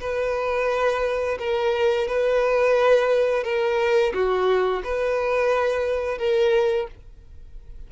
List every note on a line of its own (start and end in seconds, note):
0.00 1.38 B4
1.39 2.08 A#4
2.08 3.44 B4
3.44 4.13 A#4
4.13 4.82 F#4
4.84 6.18 B4
6.18 6.87 A#4